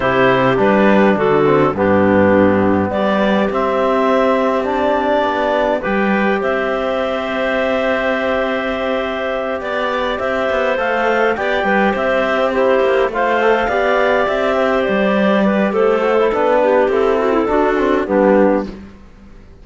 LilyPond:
<<
  \new Staff \with { instrumentName = "clarinet" } { \time 4/4 \tempo 4 = 103 c''4 b'4 a'4 g'4~ | g'4 d''4 e''2 | d''2 g''4 e''4~ | e''1~ |
e''8 d''4 e''4 f''4 g''8~ | g''8 e''4 c''4 f''4.~ | f''8 e''4 d''4. c''4 | b'4 a'2 g'4 | }
  \new Staff \with { instrumentName = "clarinet" } { \time 4/4 g'2 fis'4 d'4~ | d'4 g'2.~ | g'2 b'4 c''4~ | c''1~ |
c''8 d''4 c''2 d''8 | b'8 c''4 g'4 c''4 d''8~ | d''4 c''4. b'8 a'4~ | a'8 g'4 fis'16 e'16 fis'4 d'4 | }
  \new Staff \with { instrumentName = "trombone" } { \time 4/4 e'4 d'4. c'8 b4~ | b2 c'2 | d'2 g'2~ | g'1~ |
g'2~ g'8 a'4 g'8~ | g'4. e'4 f'8 a'8 g'8~ | g'2.~ g'8 fis'16 e'16 | d'4 e'4 d'8 c'8 b4 | }
  \new Staff \with { instrumentName = "cello" } { \time 4/4 c4 g4 d4 g,4~ | g,4 g4 c'2~ | c'4 b4 g4 c'4~ | c'1~ |
c'8 b4 c'8 b8 a4 b8 | g8 c'4. ais8 a4 b8~ | b8 c'4 g4. a4 | b4 c'4 d'4 g4 | }
>>